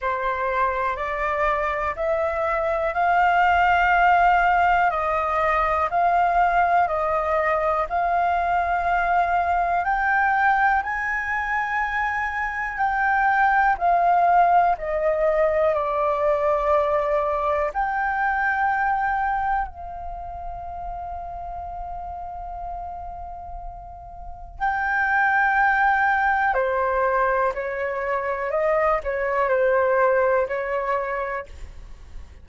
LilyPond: \new Staff \with { instrumentName = "flute" } { \time 4/4 \tempo 4 = 61 c''4 d''4 e''4 f''4~ | f''4 dis''4 f''4 dis''4 | f''2 g''4 gis''4~ | gis''4 g''4 f''4 dis''4 |
d''2 g''2 | f''1~ | f''4 g''2 c''4 | cis''4 dis''8 cis''8 c''4 cis''4 | }